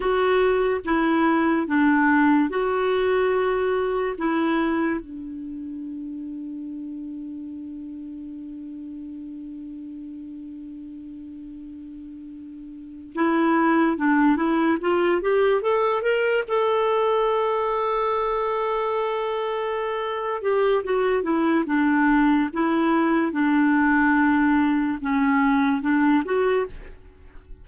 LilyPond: \new Staff \with { instrumentName = "clarinet" } { \time 4/4 \tempo 4 = 72 fis'4 e'4 d'4 fis'4~ | fis'4 e'4 d'2~ | d'1~ | d'2.~ d'8. e'16~ |
e'8. d'8 e'8 f'8 g'8 a'8 ais'8 a'16~ | a'1~ | a'8 g'8 fis'8 e'8 d'4 e'4 | d'2 cis'4 d'8 fis'8 | }